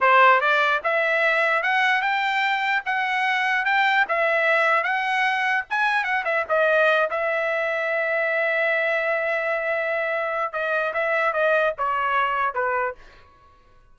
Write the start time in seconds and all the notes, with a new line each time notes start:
0.01 C5
0.41 D5
0.83 E5
1.62 F#5
2.01 G5
2.85 F#5
3.65 G5
4.08 E5
4.83 F#5
5.69 G#5
6.04 F#5
6.24 E5
6.48 D#5
7.10 E5
10.52 D#5
10.93 E5
11.33 D#5
11.78 C#5
12.54 B4